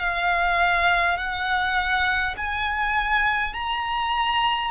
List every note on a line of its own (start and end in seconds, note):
0.00 1.18 F5
1.18 2.35 F#5
2.37 3.54 G#5
3.54 4.71 A#5